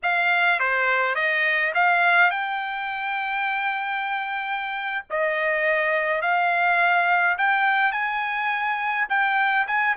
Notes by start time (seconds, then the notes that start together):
0.02 F5
0.59 C5
1.15 D#5
1.74 F5
2.30 G5
5.10 D#5
6.22 F5
7.37 G5
7.92 G#5
9.09 G5
9.67 G#5